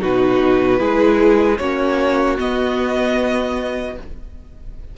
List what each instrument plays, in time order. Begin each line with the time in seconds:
0.00 cello B2, viola D#4, violin F#4 B4
0.78 cello G#3, viola E4, violin G#4
1.57 cello A#3, viola C#4, violin F#4 C#5
2.38 viola B3, cello B3, violin D#5